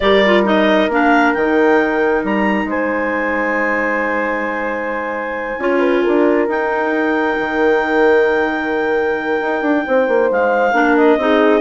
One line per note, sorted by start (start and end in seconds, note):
0.00 0.88 G3
0.00 0.24 G4
0.00 2.69 A#4
0.00 0.43 D5
0.26 0.44 F4
0.44 0.89 D#4
0.44 0.91 D#5
0.88 1.33 A#3
0.88 1.37 D4
0.88 1.33 F5
1.33 2.23 D#3
1.33 5.60 D#4
1.33 2.23 G5
2.23 2.64 G3
2.23 2.70 A#5
2.64 5.55 G#3
2.64 5.60 C5
2.64 6.49 G#5
5.58 6.03 C#4
5.58 6.48 F4
5.58 5.79 C#5
5.79 6.01 B4
6.03 6.47 D4
6.03 9.83 A#4
6.47 7.37 D#4
6.47 10.74 D#4
6.47 10.30 G5
7.39 9.40 D#3
9.41 9.61 D#4
9.61 9.84 D4
9.86 10.08 C4
9.86 10.75 C5
10.08 10.30 A#3
10.30 10.72 G#3
10.30 10.96 F5
10.72 11.16 A#3
10.72 11.19 D4
10.72 11.20 A#4
10.96 11.60 D#5
11.16 11.60 C4
11.16 11.60 D#4
11.16 11.60 G#4